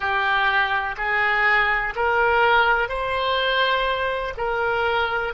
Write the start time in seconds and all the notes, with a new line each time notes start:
0.00 G4
0.97 G#4
1.95 A#4
2.89 C5
4.37 A#4